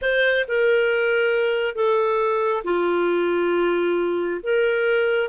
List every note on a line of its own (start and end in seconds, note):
0.01 0.45 C5
0.48 1.74 A#4
1.74 2.63 A4
2.64 4.40 F4
4.42 5.29 A#4